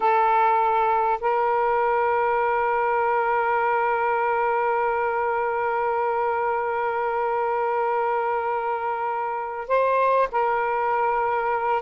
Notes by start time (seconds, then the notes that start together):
0.00 A4
1.20 A#4
9.67 C5
10.31 A#4